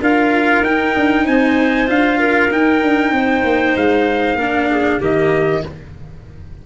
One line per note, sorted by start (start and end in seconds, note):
0.00 0.60 D4
0.00 0.64 F4
0.00 1.24 A#4
0.00 0.64 F5
0.60 0.92 D#4
0.60 1.86 D#4
0.60 1.26 G5
0.96 1.26 D4
1.24 1.89 C4
1.24 2.18 C5
1.24 1.88 G#5
1.86 2.51 D4
1.86 2.49 F4
1.86 2.52 F5
2.18 3.12 A#4
2.50 4.38 D#4
2.50 2.82 D#4
2.50 3.77 G5
2.82 3.12 D4
3.12 3.43 C4
3.12 4.37 C5
3.43 3.75 A#3
3.76 4.35 G#3
3.76 5.02 F5
4.35 4.97 A#3
4.35 5.00 D4
4.35 4.68 A#4
4.70 4.99 G#4
4.99 5.62 D#3
4.99 5.63 A#3
4.99 5.61 G4
4.99 5.66 D#5